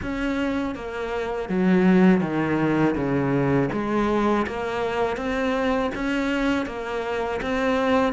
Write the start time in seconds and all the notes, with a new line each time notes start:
0.02 C#4
0.75 A#3
1.48 F#3
2.20 D#3
2.95 C#3
3.72 G#3
4.46 A#3
5.16 C4
5.95 C#4
6.66 A#3
7.42 C4